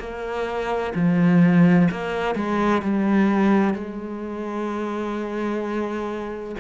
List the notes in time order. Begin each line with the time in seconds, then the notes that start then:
0.00 A#3
0.95 F3
1.92 A#3
2.35 G#3
2.83 G3
3.75 G#3